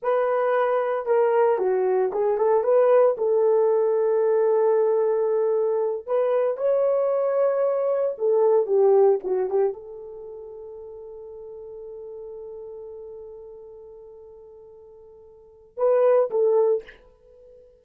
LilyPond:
\new Staff \with { instrumentName = "horn" } { \time 4/4 \tempo 4 = 114 b'2 ais'4 fis'4 | gis'8 a'8 b'4 a'2~ | a'2.~ a'8 b'8~ | b'8 cis''2. a'8~ |
a'8 g'4 fis'8 g'8 a'4.~ | a'1~ | a'1~ | a'2 b'4 a'4 | }